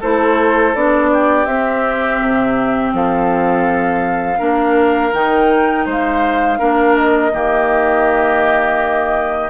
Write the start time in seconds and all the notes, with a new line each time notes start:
0.00 A3 E4 A4 C5
0.75 B3 D4 D5
1.13 G4
1.45 C4 E5
2.21 C3
2.93 F3 A4 F5
4.39 A#3 D4 A#4
5.13 D#3 D#4 G5
5.85 G#3 C5 F5
6.59 A#3 D4 A#4
6.96 D#5
7.33 D#3 A#3 G4